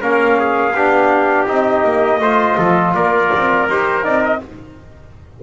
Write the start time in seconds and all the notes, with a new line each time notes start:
0.00 A#3 C#4 A#4 F5
0.39 G#4
0.74 B3 D4 G4
1.47 C4 D#4 D#5
1.84 A#3
2.20 A3 F4 C5
2.58 F3 A4
2.94 A#3 A#4 D5
3.36 C4
3.69 D#4 G4 C5
4.03 C4 D#4 D5
4.24 D#5